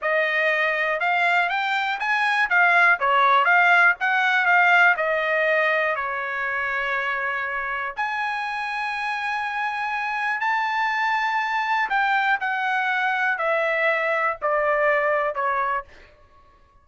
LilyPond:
\new Staff \with { instrumentName = "trumpet" } { \time 4/4 \tempo 4 = 121 dis''2 f''4 g''4 | gis''4 f''4 cis''4 f''4 | fis''4 f''4 dis''2 | cis''1 |
gis''1~ | gis''4 a''2. | g''4 fis''2 e''4~ | e''4 d''2 cis''4 | }